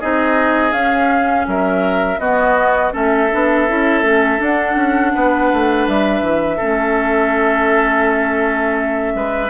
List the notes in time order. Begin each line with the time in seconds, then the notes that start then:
0.00 C4 D#4 G#4 D#5
0.71 C#4 F5
1.47 F#3 A#4 E5
2.19 B3 F#4 D#5
2.92 A3 C#4 A4 E5
3.31 B3 D4
3.68 C#4 E4
4.02 A3 C#4
4.38 D4 F#5
4.76 C#4
5.14 B3 B4
5.53 A3
5.87 G3 E5
6.21 E3
6.57 A3 C#4 A4
9.14 G#3 B4